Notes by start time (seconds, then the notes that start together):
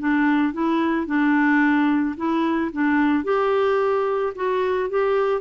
0.00 D4
0.54 E4
1.07 D4
2.17 E4
2.73 D4
3.25 G4
4.36 F#4
4.90 G4